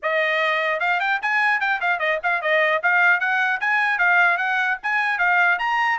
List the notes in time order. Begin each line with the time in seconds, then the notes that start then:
0.02 D#5
0.80 F5
1.00 G5
1.22 G#5
1.60 G5
1.80 F5
1.99 D#5
2.23 F5
2.41 D#5
2.83 F5
3.20 F#5
3.60 G#5
3.98 F5
4.37 F#5
4.83 G#5
5.18 F5
5.58 A#5